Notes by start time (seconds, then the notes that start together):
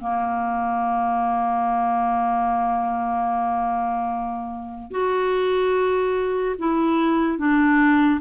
0.00 A#3
4.91 F#4
6.58 E4
7.38 D4